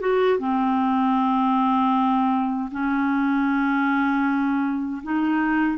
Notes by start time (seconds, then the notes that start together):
0.00 F#4
0.39 C4
2.71 C#4
5.03 D#4